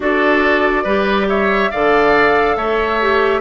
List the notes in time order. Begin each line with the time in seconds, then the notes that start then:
0.00 D4 F#4 A4 D5
0.83 G3 G4 B4
1.29 C#5 E5
1.70 D3 A4 D5 F5
2.56 A3 C#5 E5
3.01 G4